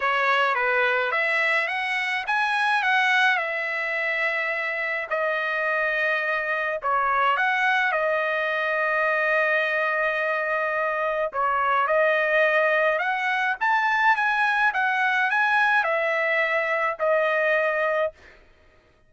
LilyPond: \new Staff \with { instrumentName = "trumpet" } { \time 4/4 \tempo 4 = 106 cis''4 b'4 e''4 fis''4 | gis''4 fis''4 e''2~ | e''4 dis''2. | cis''4 fis''4 dis''2~ |
dis''1 | cis''4 dis''2 fis''4 | a''4 gis''4 fis''4 gis''4 | e''2 dis''2 | }